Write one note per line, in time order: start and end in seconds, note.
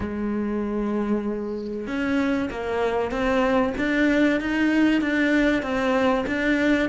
0.00 1.87 G#3
1.87 2.49 C#4
2.50 3.11 A#3
3.11 3.73 C4
3.78 4.40 D4
4.40 5.01 D#4
5.01 5.62 D4
5.62 6.24 C4
6.26 6.89 D4